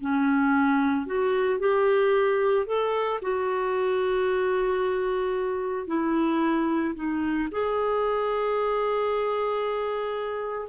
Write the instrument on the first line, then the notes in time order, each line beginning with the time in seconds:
clarinet
0.00 C#4
1.06 F#4
1.59 G4
2.66 A4
3.21 F#4
5.87 E4
6.94 D#4
7.51 G#4